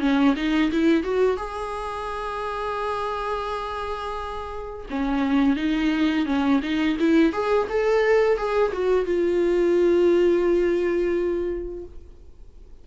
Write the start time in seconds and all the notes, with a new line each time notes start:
0.00 C#4
0.36 D#4
0.72 E4
1.04 F#4
1.37 G#4
4.91 C#4
5.57 D#4
6.26 C#4
6.63 D#4
7.00 E4
7.33 G#4
7.70 A4
8.38 G#4
8.73 F#4
9.06 F4